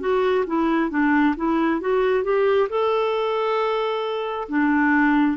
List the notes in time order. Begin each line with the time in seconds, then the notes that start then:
0.00 F#4
0.46 E4
0.90 D4
1.36 E4
1.80 F#4
2.23 G4
2.69 A4
4.49 D4